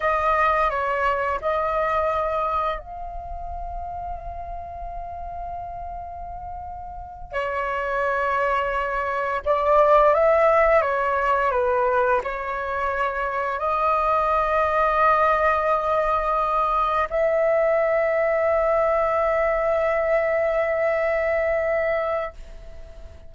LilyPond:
\new Staff \with { instrumentName = "flute" } { \time 4/4 \tempo 4 = 86 dis''4 cis''4 dis''2 | f''1~ | f''2~ f''8 cis''4.~ | cis''4. d''4 e''4 cis''8~ |
cis''8 b'4 cis''2 dis''8~ | dis''1~ | dis''8 e''2.~ e''8~ | e''1 | }